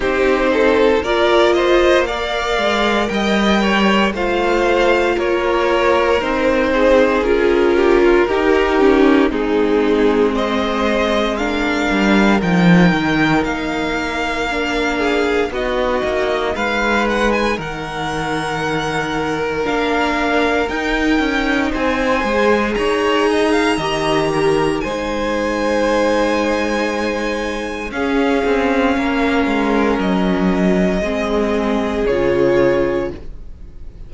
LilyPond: <<
  \new Staff \with { instrumentName = "violin" } { \time 4/4 \tempo 4 = 58 c''4 d''8 dis''8 f''4 g''4 | f''4 cis''4 c''4 ais'4~ | ais'4 gis'4 dis''4 f''4 | g''4 f''2 dis''4 |
f''8 fis''16 gis''16 fis''2 f''4 | g''4 gis''4 ais''2 | gis''2. f''4~ | f''4 dis''2 cis''4 | }
  \new Staff \with { instrumentName = "violin" } { \time 4/4 g'8 a'8 ais'8 c''8 d''4 dis''8 cis''8 | c''4 ais'4. gis'4 g'16 f'16 | g'4 dis'4 c''4 ais'4~ | ais'2~ ais'8 gis'8 fis'4 |
b'4 ais'2.~ | ais'4 c''4 cis''8 dis''16 f''16 dis''8 ais'8 | c''2. gis'4 | ais'2 gis'2 | }
  \new Staff \with { instrumentName = "viola" } { \time 4/4 dis'4 f'4 ais'2 | f'2 dis'4 f'4 | dis'8 cis'8 c'2 d'4 | dis'2 d'4 dis'4~ |
dis'2. d'4 | dis'4. gis'4. g'4 | dis'2. cis'4~ | cis'2 c'4 f'4 | }
  \new Staff \with { instrumentName = "cello" } { \time 4/4 c'4 ais4. gis8 g4 | a4 ais4 c'4 cis'4 | dis'4 gis2~ gis8 g8 | f8 dis8 ais2 b8 ais8 |
gis4 dis2 ais4 | dis'8 cis'8 c'8 gis8 dis'4 dis4 | gis2. cis'8 c'8 | ais8 gis8 fis4 gis4 cis4 | }
>>